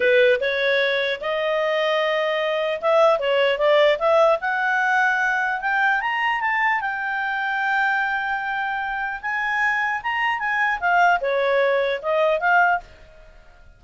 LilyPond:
\new Staff \with { instrumentName = "clarinet" } { \time 4/4 \tempo 4 = 150 b'4 cis''2 dis''4~ | dis''2. e''4 | cis''4 d''4 e''4 fis''4~ | fis''2 g''4 ais''4 |
a''4 g''2.~ | g''2. gis''4~ | gis''4 ais''4 gis''4 f''4 | cis''2 dis''4 f''4 | }